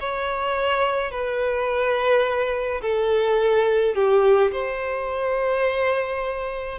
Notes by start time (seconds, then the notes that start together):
0.00 C#5
1.11 B4
2.81 A4
3.94 G4
4.52 C5